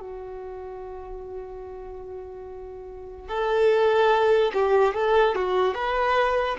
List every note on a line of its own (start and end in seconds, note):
0.00 3.29 F#4
3.29 4.52 A4
4.54 4.94 G4
4.94 5.35 A4
5.35 5.74 F#4
5.74 6.56 B4